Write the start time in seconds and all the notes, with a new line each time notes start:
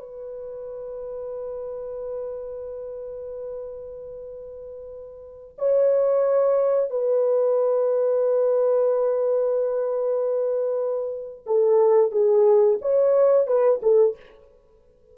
0.00 B4
5.58 C#5
6.90 B4
11.46 A4
12.11 G#4
12.82 C#5
13.47 B4
13.82 A4